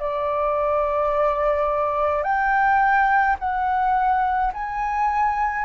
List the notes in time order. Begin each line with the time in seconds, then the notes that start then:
0.00 D5
2.23 G5
3.39 F#5
4.53 G#5